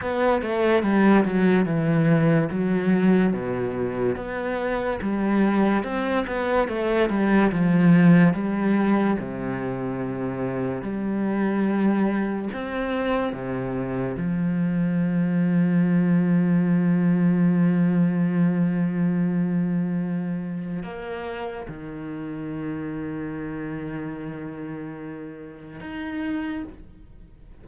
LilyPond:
\new Staff \with { instrumentName = "cello" } { \time 4/4 \tempo 4 = 72 b8 a8 g8 fis8 e4 fis4 | b,4 b4 g4 c'8 b8 | a8 g8 f4 g4 c4~ | c4 g2 c'4 |
c4 f2.~ | f1~ | f4 ais4 dis2~ | dis2. dis'4 | }